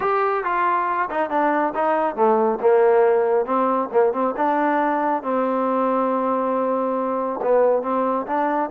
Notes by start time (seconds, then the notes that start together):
0.00 G4
0.44 F4
1.10 D#4
1.29 D4
1.75 D#4
2.15 A3
2.60 A#3
3.45 C4
3.92 A#3
4.12 C4
4.36 D4
5.22 C4
7.42 B3
7.82 C4
8.26 D4